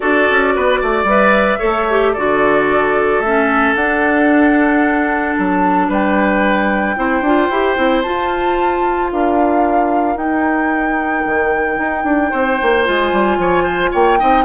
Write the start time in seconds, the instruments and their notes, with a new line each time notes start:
0.00 bassoon D4, clarinet F#4, oboe A4, flute D5
0.30 bassoon C#4
0.55 bassoon B3, oboe B4
0.80 bassoon A3, oboe D5
1.03 bassoon G3, clarinet B4, flute E5
1.59 bassoon A3, clarinet A4, oboe C#5
1.89 clarinet G4
2.12 bassoon D3, clarinet F#4, oboe A4, flute D5
3.19 bassoon A3, clarinet C#4, flute E5
3.75 bassoon D4, clarinet D4, flute F#5
5.37 bassoon F#3, flute A5
5.88 bassoon G3, oboe B4, flute G5
6.96 bassoon C4, clarinet E4, oboe C5
7.21 bassoon D4, clarinet F4
7.50 bassoon E4, clarinet G4
7.76 bassoon C4, clarinet E4
8.02 clarinet F4, bassoon F4, flute A5
9.11 bassoon D4, oboe A#4, flute F5
10.15 bassoon D#4, clarinet D#4, flute G5
11.25 bassoon D#3
11.77 bassoon D#4
12.04 bassoon D4
12.30 bassoon C4, oboe C5
12.62 bassoon A#3
12.85 bassoon G#3, clarinet F4, flute G#5
13.12 bassoon G3
13.37 bassoon F3, oboe C#5
13.63 oboe C5
13.91 bassoon A#3, oboe C#5, flute G5
14.19 bassoon C4, clarinet D#4, oboe D#5